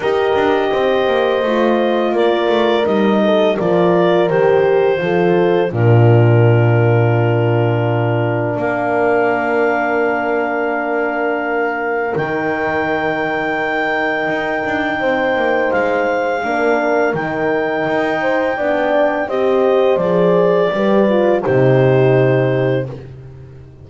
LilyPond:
<<
  \new Staff \with { instrumentName = "clarinet" } { \time 4/4 \tempo 4 = 84 dis''2. d''4 | dis''4 d''4 c''2 | ais'1 | f''1~ |
f''4 g''2.~ | g''2 f''2 | g''2. dis''4 | d''2 c''2 | }
  \new Staff \with { instrumentName = "horn" } { \time 4/4 ais'4 c''2 ais'4~ | ais'8 a'8 ais'2 a'4 | f'1 | ais'1~ |
ais'1~ | ais'4 c''2 ais'4~ | ais'4. c''8 d''4 c''4~ | c''4 b'4 g'2 | }
  \new Staff \with { instrumentName = "horn" } { \time 4/4 g'2 f'2 | dis'4 f'4 g'4 f'4 | d'1~ | d'1~ |
d'4 dis'2.~ | dis'2. d'4 | dis'2 d'4 g'4 | gis'4 g'8 f'8 dis'2 | }
  \new Staff \with { instrumentName = "double bass" } { \time 4/4 dis'8 d'8 c'8 ais8 a4 ais8 a8 | g4 f4 dis4 f4 | ais,1 | ais1~ |
ais4 dis2. | dis'8 d'8 c'8 ais8 gis4 ais4 | dis4 dis'4 b4 c'4 | f4 g4 c2 | }
>>